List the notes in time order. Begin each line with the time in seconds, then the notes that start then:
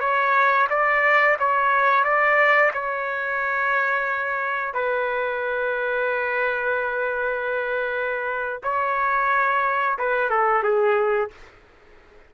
0.00 C#5
0.70 D5
1.39 C#5
2.04 D5
2.74 C#5
4.74 B4
8.63 C#5
9.98 B4
10.30 A4
10.63 G#4